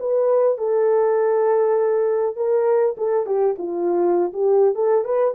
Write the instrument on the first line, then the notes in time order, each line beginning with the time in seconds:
horn
0.00 B4
0.58 A4
2.37 A#4
2.98 A4
3.26 G4
3.59 F4
4.33 G4
4.75 A4
5.05 B4